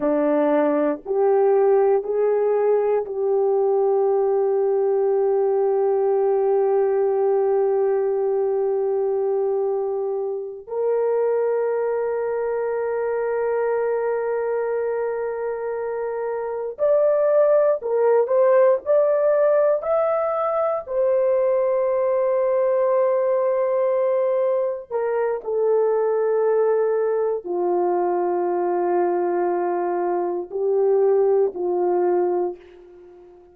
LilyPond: \new Staff \with { instrumentName = "horn" } { \time 4/4 \tempo 4 = 59 d'4 g'4 gis'4 g'4~ | g'1~ | g'2~ g'8 ais'4.~ | ais'1~ |
ais'8 d''4 ais'8 c''8 d''4 e''8~ | e''8 c''2.~ c''8~ | c''8 ais'8 a'2 f'4~ | f'2 g'4 f'4 | }